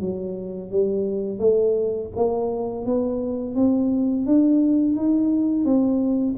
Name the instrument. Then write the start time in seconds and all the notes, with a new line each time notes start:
tuba
0.00 F#3
0.70 G3
1.39 A3
2.15 A#3
2.85 B3
3.55 C4
4.25 D4
4.96 D#4
5.64 C4